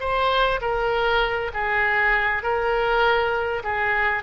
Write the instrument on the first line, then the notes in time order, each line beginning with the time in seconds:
oboe
0.00 C5
0.61 A#4
1.54 G#4
2.43 A#4
3.64 G#4